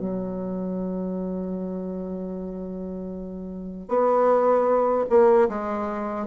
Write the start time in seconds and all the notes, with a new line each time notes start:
0.00 F#3
3.88 B3
5.10 A#3
5.49 G#3